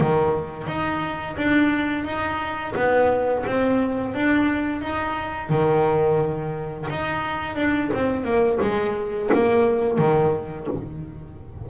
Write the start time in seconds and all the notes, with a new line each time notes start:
0.00 D#3
0.67 D#4
1.37 D4
2.05 D#4
2.76 B3
3.46 C4
4.14 D4
4.81 D#4
5.50 D#3
6.90 D#4
7.56 D4
7.94 C4
8.24 A#3
8.61 G#3
9.34 A#3
9.98 D#3